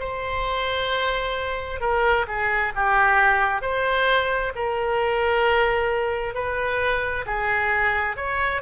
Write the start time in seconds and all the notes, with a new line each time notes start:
0.00 C5
1.81 A#4
2.28 G#4
2.76 G4
3.62 C5
4.56 A#4
6.35 B4
7.26 G#4
8.17 C#5